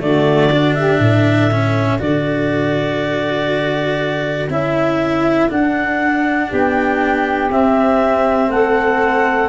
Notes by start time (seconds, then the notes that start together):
0.00 D3 A3 F#4 D5
0.52 D4
0.75 G4 E5
1.00 A2 A4
1.51 C#4
1.99 D3 F#4 D5
4.49 C#4 E4 E5
5.49 D4 F#5
6.49 B3 G4 G5
7.50 C4 E5
8.49 A3 A4 F#5